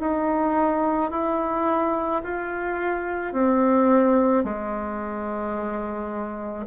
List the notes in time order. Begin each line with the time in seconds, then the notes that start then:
0.00 D#4
1.12 E4
2.24 F4
3.33 C4
4.44 G#3